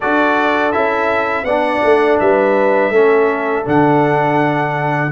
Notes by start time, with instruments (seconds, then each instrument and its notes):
0.00 tuba D4, trombone F#4, horn A4, trumpet D5
0.71 tuba C#4, trombone E4, trumpet E5
1.43 tuba B3, trombone D4, horn D5, trumpet F#5
1.83 tuba A3
2.19 tuba G3, horn B4, trumpet E5
2.89 tuba A3, trombone C#4, horn A4
3.64 tuba D3, trombone D4, trumpet F#5